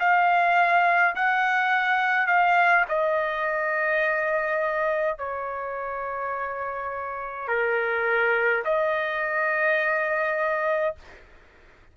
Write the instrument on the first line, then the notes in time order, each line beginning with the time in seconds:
trumpet
0.00 F5
1.16 F#5
2.28 F5
2.89 D#5
5.19 C#5
7.48 A#4
8.65 D#5